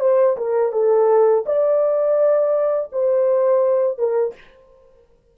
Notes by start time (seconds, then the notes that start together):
0.00 C5
0.37 A#4
0.72 A4
1.46 D5
2.92 C5
3.98 A#4